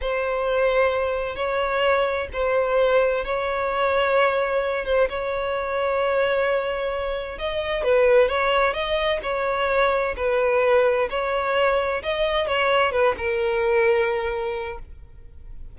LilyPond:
\new Staff \with { instrumentName = "violin" } { \time 4/4 \tempo 4 = 130 c''2. cis''4~ | cis''4 c''2 cis''4~ | cis''2~ cis''8 c''8 cis''4~ | cis''1 |
dis''4 b'4 cis''4 dis''4 | cis''2 b'2 | cis''2 dis''4 cis''4 | b'8 ais'2.~ ais'8 | }